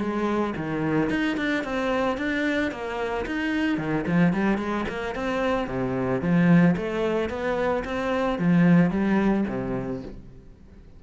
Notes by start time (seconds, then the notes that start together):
0.00 G#3
0.57 D#3
1.10 D#4
1.37 D4
1.64 C4
2.17 D4
2.71 A#3
3.26 D#4
3.78 D#3
4.07 F3
4.33 G3
4.58 G#3
4.89 A#3
5.15 C4
5.67 C3
6.21 F3
6.77 A3
7.29 B3
7.85 C4
8.39 F3
8.91 G3
9.48 C3